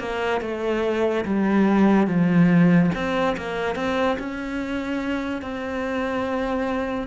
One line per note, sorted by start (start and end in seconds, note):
0.00 0.42 A#3
0.42 1.25 A3
1.25 2.07 G3
2.07 2.91 F3
2.95 3.36 C4
3.37 3.76 A#3
3.76 4.17 C4
4.19 5.42 C#4
5.42 7.08 C4